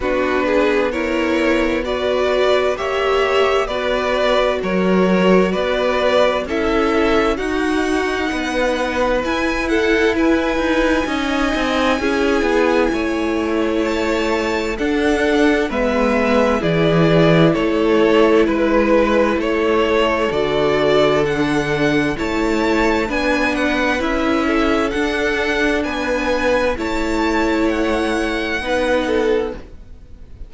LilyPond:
<<
  \new Staff \with { instrumentName = "violin" } { \time 4/4 \tempo 4 = 65 b'4 cis''4 d''4 e''4 | d''4 cis''4 d''4 e''4 | fis''2 gis''8 fis''8 gis''4~ | gis''2. a''4 |
fis''4 e''4 d''4 cis''4 | b'4 cis''4 d''4 fis''4 | a''4 gis''8 fis''8 e''4 fis''4 | gis''4 a''4 fis''2 | }
  \new Staff \with { instrumentName = "violin" } { \time 4/4 fis'8 gis'8 ais'4 b'4 cis''4 | b'4 ais'4 b'4 a'4 | fis'4 b'4. a'8 b'4 | dis''4 gis'4 cis''2 |
a'4 b'4 gis'4 a'4 | b'4 a'2. | cis''4 b'4. a'4. | b'4 cis''2 b'8 a'8 | }
  \new Staff \with { instrumentName = "viola" } { \time 4/4 d'4 e'4 fis'4 g'4 | fis'2. e'4 | dis'2 e'2 | dis'4 e'2. |
d'4 b4 e'2~ | e'2 fis'4 d'4 | e'4 d'4 e'4 d'4~ | d'4 e'2 dis'4 | }
  \new Staff \with { instrumentName = "cello" } { \time 4/4 b2. ais4 | b4 fis4 b4 cis'4 | dis'4 b4 e'4. dis'8 | cis'8 c'8 cis'8 b8 a2 |
d'4 gis4 e4 a4 | gis4 a4 d2 | a4 b4 cis'4 d'4 | b4 a2 b4 | }
>>